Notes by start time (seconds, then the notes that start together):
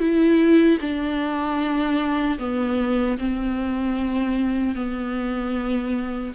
0.00 E4
0.81 D4
2.39 B3
3.18 C4
4.75 B3